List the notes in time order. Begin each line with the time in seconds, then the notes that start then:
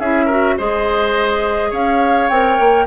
0.00 C#4 E4 G#4 E5
0.26 F#4 A#4
0.58 G#3 G#4 C5 D#5
1.71 C#4 C#5 F5
2.29 C4 A#4 G5
2.60 A#3